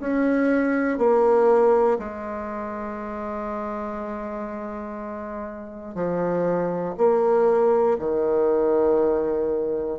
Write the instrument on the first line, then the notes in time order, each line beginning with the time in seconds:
bassoon
0.00 C#4
0.98 A#3
1.99 G#3
5.95 F3
6.98 A#3
7.99 D#3